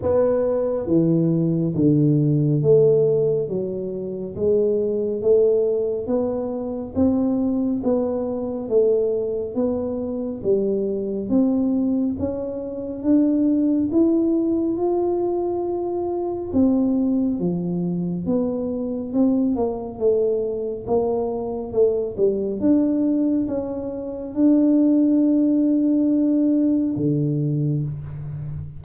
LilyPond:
\new Staff \with { instrumentName = "tuba" } { \time 4/4 \tempo 4 = 69 b4 e4 d4 a4 | fis4 gis4 a4 b4 | c'4 b4 a4 b4 | g4 c'4 cis'4 d'4 |
e'4 f'2 c'4 | f4 b4 c'8 ais8 a4 | ais4 a8 g8 d'4 cis'4 | d'2. d4 | }